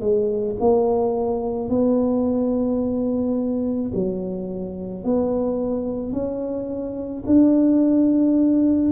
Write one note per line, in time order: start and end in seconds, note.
0.00 0.56 G#3
0.60 1.69 A#3
1.69 3.91 B3
3.94 5.04 F#3
5.04 6.12 B3
6.12 7.23 C#4
7.26 8.91 D4